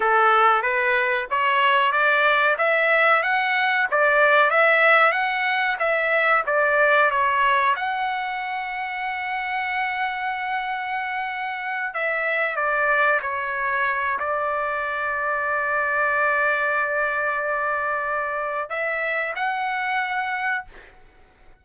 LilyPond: \new Staff \with { instrumentName = "trumpet" } { \time 4/4 \tempo 4 = 93 a'4 b'4 cis''4 d''4 | e''4 fis''4 d''4 e''4 | fis''4 e''4 d''4 cis''4 | fis''1~ |
fis''2~ fis''8 e''4 d''8~ | d''8 cis''4. d''2~ | d''1~ | d''4 e''4 fis''2 | }